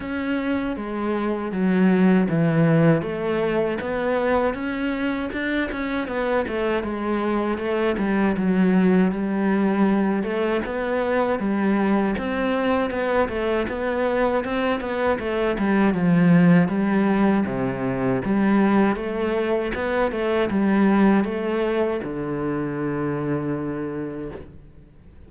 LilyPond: \new Staff \with { instrumentName = "cello" } { \time 4/4 \tempo 4 = 79 cis'4 gis4 fis4 e4 | a4 b4 cis'4 d'8 cis'8 | b8 a8 gis4 a8 g8 fis4 | g4. a8 b4 g4 |
c'4 b8 a8 b4 c'8 b8 | a8 g8 f4 g4 c4 | g4 a4 b8 a8 g4 | a4 d2. | }